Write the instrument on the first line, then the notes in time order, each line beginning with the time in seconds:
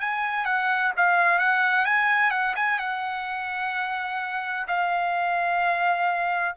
trumpet
0.00 G#5
0.45 F#5
0.96 F5
1.38 F#5
1.85 G#5
2.31 F#5
2.55 G#5
2.79 F#5
4.67 F5